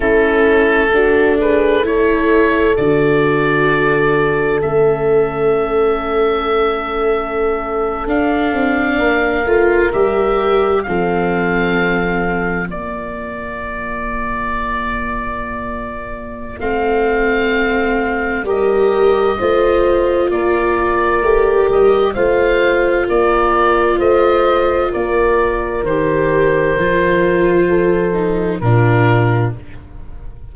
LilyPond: <<
  \new Staff \with { instrumentName = "oboe" } { \time 4/4 \tempo 4 = 65 a'4. b'8 cis''4 d''4~ | d''4 e''2.~ | e''8. f''2 e''4 f''16~ | f''4.~ f''16 d''2~ d''16~ |
d''2 f''2 | dis''2 d''4. dis''8 | f''4 d''4 dis''4 d''4 | c''2. ais'4 | }
  \new Staff \with { instrumentName = "horn" } { \time 4/4 e'4 fis'8 gis'8 a'2~ | a'1~ | a'4.~ a'16 ais'2 a'16~ | a'4.~ a'16 f'2~ f'16~ |
f'1 | ais'4 c''4 ais'2 | c''4 ais'4 c''4 ais'4~ | ais'2 a'4 f'4 | }
  \new Staff \with { instrumentName = "viola" } { \time 4/4 cis'4 d'4 e'4 fis'4~ | fis'4 cis'2.~ | cis'8. d'4. f'8 g'4 c'16~ | c'4.~ c'16 ais2~ ais16~ |
ais2 c'2 | g'4 f'2 g'4 | f'1 | g'4 f'4. dis'8 d'4 | }
  \new Staff \with { instrumentName = "tuba" } { \time 4/4 a2. d4~ | d4 a2.~ | a8. d'8 c'8 ais8 a8 g4 f16~ | f4.~ f16 ais2~ ais16~ |
ais2 a2 | g4 a4 ais4 a8 g8 | a4 ais4 a4 ais4 | dis4 f2 ais,4 | }
>>